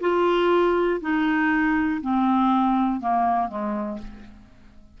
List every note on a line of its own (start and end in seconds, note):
0.00 1.00 F4
1.00 2.00 D#4
2.01 3.00 C4
3.00 3.48 A#3
3.48 3.98 G#3